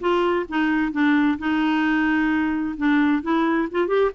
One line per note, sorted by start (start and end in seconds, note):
0.00 0.46 F4
0.49 0.92 D#4
0.92 1.37 D4
1.38 2.75 D#4
2.77 3.22 D4
3.22 3.68 E4
3.71 3.87 F4
3.87 4.10 G4